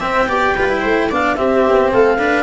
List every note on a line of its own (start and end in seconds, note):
0.00 0.28 C4
0.00 0.28 E5
0.00 1.11 G5
0.28 0.55 B3
0.28 0.56 G4
0.28 0.55 D5
0.55 0.84 G3
0.55 0.69 F4
0.55 0.81 B4
0.69 1.11 E4
0.81 1.11 A3
0.81 1.08 C5
1.10 1.39 B3
1.10 1.37 D4
1.10 1.37 D5
1.10 1.35 F5
1.35 2.19 C4
1.35 1.67 C4
1.35 1.93 G4
1.35 1.90 E5
1.68 1.94 B3
1.93 2.43 A3
1.93 2.19 A4
1.93 2.43 F5
2.19 2.43 D4
2.19 2.43 B4